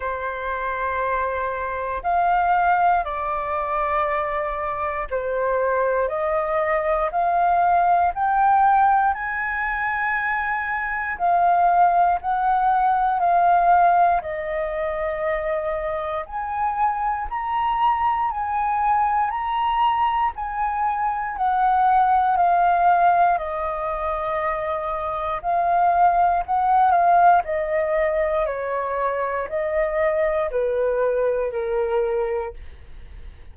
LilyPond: \new Staff \with { instrumentName = "flute" } { \time 4/4 \tempo 4 = 59 c''2 f''4 d''4~ | d''4 c''4 dis''4 f''4 | g''4 gis''2 f''4 | fis''4 f''4 dis''2 |
gis''4 ais''4 gis''4 ais''4 | gis''4 fis''4 f''4 dis''4~ | dis''4 f''4 fis''8 f''8 dis''4 | cis''4 dis''4 b'4 ais'4 | }